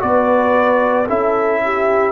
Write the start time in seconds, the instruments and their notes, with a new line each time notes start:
0.00 tuba B3, trombone F#4, horn B4, trumpet D5
1.09 tuba C#4, trombone E4, horn A4, trumpet E5
1.64 horn G4